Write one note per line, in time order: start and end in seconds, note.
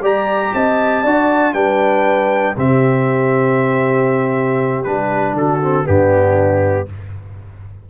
0.00 0.51 G3
0.00 1.04 G4
0.00 0.52 D5
0.00 0.53 A#5
0.53 1.04 C4
0.53 1.02 D#5
0.53 1.53 A5
1.02 1.53 D4
1.02 1.53 F#4
1.02 1.53 D5
1.53 2.54 G3
1.53 2.55 D4
1.53 2.56 B4
1.53 2.55 G5
2.57 4.85 C3
2.57 4.85 C4
2.57 5.36 G4
2.57 4.83 E5
4.83 5.33 G3
4.83 5.61 D4
4.83 5.34 B4
5.33 5.83 D3
5.33 5.87 F#4
5.33 5.86 A4
5.62 5.84 C4
5.84 6.89 G2
5.84 6.85 B3
5.84 6.89 D4
5.84 6.88 G4